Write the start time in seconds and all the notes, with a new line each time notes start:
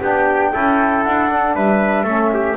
0.00 B3 D4 G4 G5
0.54 C#4 E4 A4
1.03 D4 F#5
1.30 D4
1.55 G3 B4 E5
2.04 A3 C#4 A4
2.34 G4